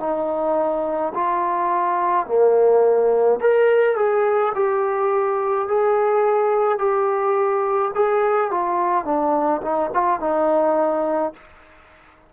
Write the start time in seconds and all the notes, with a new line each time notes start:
0.00 D#4
1.14 F4
2.26 A#3
3.41 A#4
3.96 G#4
4.55 G4
5.68 G#4
6.79 G4
7.95 G#4
8.51 F4
9.05 D4
9.62 D#4
9.94 F4
10.20 D#4